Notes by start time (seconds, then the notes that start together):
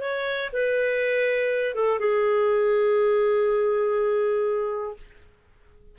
0.00 C#5
0.52 B4
1.74 A4
1.99 G#4